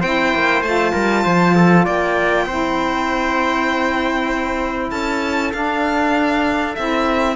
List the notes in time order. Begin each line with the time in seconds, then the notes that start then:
0.00 C4 E4 C5 G5
0.34 A#3
0.61 A3 F4 A5
0.92 G3 A#4
1.24 F3 C5
1.55 A4
1.85 A#3 D5 G5
2.46 C4 E4 C5
4.90 C#4 A4 A5
5.52 D4 F5
6.75 C4 E4 E5